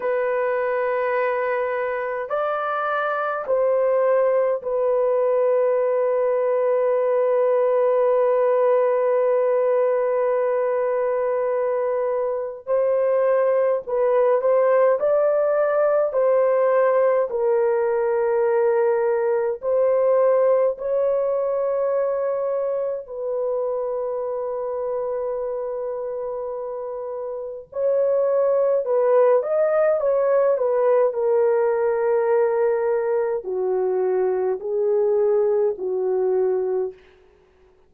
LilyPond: \new Staff \with { instrumentName = "horn" } { \time 4/4 \tempo 4 = 52 b'2 d''4 c''4 | b'1~ | b'2. c''4 | b'8 c''8 d''4 c''4 ais'4~ |
ais'4 c''4 cis''2 | b'1 | cis''4 b'8 dis''8 cis''8 b'8 ais'4~ | ais'4 fis'4 gis'4 fis'4 | }